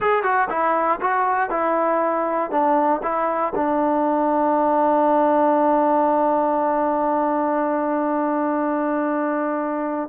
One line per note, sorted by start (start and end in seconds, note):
0.00 0.23 G#4
0.23 0.48 F#4
0.49 1.00 E4
1.00 1.50 F#4
1.50 2.50 E4
2.50 3.01 D4
3.03 3.53 E4
3.55 10.09 D4